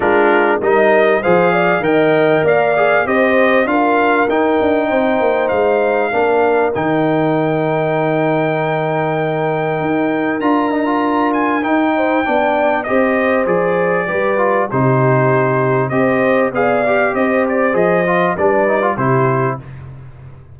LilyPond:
<<
  \new Staff \with { instrumentName = "trumpet" } { \time 4/4 \tempo 4 = 98 ais'4 dis''4 f''4 g''4 | f''4 dis''4 f''4 g''4~ | g''4 f''2 g''4~ | g''1~ |
g''4 ais''4. gis''8 g''4~ | g''4 dis''4 d''2 | c''2 dis''4 f''4 | dis''8 d''8 dis''4 d''4 c''4 | }
  \new Staff \with { instrumentName = "horn" } { \time 4/4 f'4 ais'4 c''8 d''8 dis''4 | d''4 c''4 ais'2 | c''2 ais'2~ | ais'1~ |
ais'2.~ ais'8 c''8 | d''4 c''2 b'4 | g'2 c''4 d''4 | c''2 b'4 g'4 | }
  \new Staff \with { instrumentName = "trombone" } { \time 4/4 d'4 dis'4 gis'4 ais'4~ | ais'8 gis'8 g'4 f'4 dis'4~ | dis'2 d'4 dis'4~ | dis'1~ |
dis'4 f'8 dis'16 f'4~ f'16 dis'4 | d'4 g'4 gis'4 g'8 f'8 | dis'2 g'4 gis'8 g'8~ | g'4 gis'8 f'8 d'8 dis'16 f'16 e'4 | }
  \new Staff \with { instrumentName = "tuba" } { \time 4/4 gis4 g4 f4 dis4 | ais4 c'4 d'4 dis'8 d'8 | c'8 ais8 gis4 ais4 dis4~ | dis1 |
dis'4 d'2 dis'4 | b4 c'4 f4 g4 | c2 c'4 b4 | c'4 f4 g4 c4 | }
>>